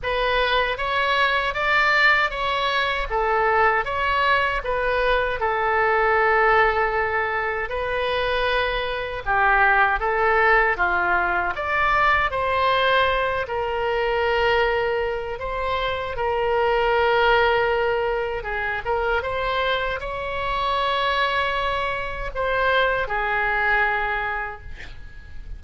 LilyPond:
\new Staff \with { instrumentName = "oboe" } { \time 4/4 \tempo 4 = 78 b'4 cis''4 d''4 cis''4 | a'4 cis''4 b'4 a'4~ | a'2 b'2 | g'4 a'4 f'4 d''4 |
c''4. ais'2~ ais'8 | c''4 ais'2. | gis'8 ais'8 c''4 cis''2~ | cis''4 c''4 gis'2 | }